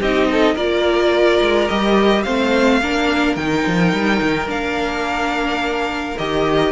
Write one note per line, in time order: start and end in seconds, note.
0.00 0.56 C4
0.00 0.57 D#4
0.00 0.28 G4
0.00 0.56 D#5
0.31 0.54 A4
0.54 1.40 A#3
0.54 1.69 F4
0.54 2.22 A#4
0.54 1.68 D5
1.41 1.69 G#3
1.68 2.26 G3
1.68 2.25 G4
1.68 2.23 D#5
2.23 2.81 A3
2.23 2.81 C4
2.23 2.81 C5
2.23 3.35 F5
2.81 3.36 A#3
2.81 3.38 D4
2.81 6.72 A#4
3.36 3.64 D#3
3.36 4.47 D#4
3.36 4.48 G5
3.66 3.93 F3
3.93 4.21 G3
4.22 4.47 D#3
4.47 6.15 A#3
4.47 6.15 D4
4.47 6.18 F5
6.18 6.72 D#3
6.18 6.72 G4
6.18 6.72 D#5